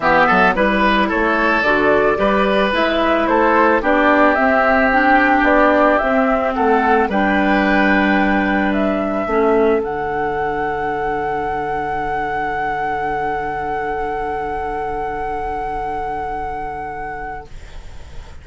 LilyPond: <<
  \new Staff \with { instrumentName = "flute" } { \time 4/4 \tempo 4 = 110 e''4 b'4 cis''4 d''4~ | d''4 e''4 c''4 d''4 | e''4 g''4 d''4 e''4 | fis''4 g''2. |
e''2 fis''2~ | fis''1~ | fis''1~ | fis''1 | }
  \new Staff \with { instrumentName = "oboe" } { \time 4/4 g'8 a'8 b'4 a'2 | b'2 a'4 g'4~ | g'1 | a'4 b'2.~ |
b'4 a'2.~ | a'1~ | a'1~ | a'1 | }
  \new Staff \with { instrumentName = "clarinet" } { \time 4/4 b4 e'2 fis'4 | g'4 e'2 d'4 | c'4 d'2 c'4~ | c'4 d'2.~ |
d'4 cis'4 d'2~ | d'1~ | d'1~ | d'1 | }
  \new Staff \with { instrumentName = "bassoon" } { \time 4/4 e8 fis8 g4 a4 d4 | g4 gis4 a4 b4 | c'2 b4 c'4 | a4 g2.~ |
g4 a4 d2~ | d1~ | d1~ | d1 | }
>>